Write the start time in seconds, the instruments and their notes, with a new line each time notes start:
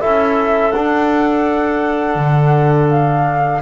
0.00 double bass C#4, trombone E4, clarinet A4, flute E5
0.72 double bass D4, trombone D4, flute F#5
2.15 double bass D3
2.89 flute F5